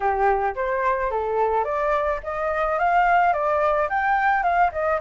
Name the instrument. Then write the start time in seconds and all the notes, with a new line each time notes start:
flute
0.00 G4
0.55 C5
1.10 A4
1.64 D5
2.23 D#5
2.79 F5
3.33 D5
3.89 G5
4.43 F5
4.72 D#5